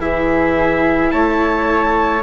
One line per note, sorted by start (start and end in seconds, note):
0.00 1.11 E3
0.00 2.22 E4
0.00 1.13 G#4
0.00 1.11 E5
1.11 2.23 A3
1.11 2.23 C#5
1.11 2.22 A5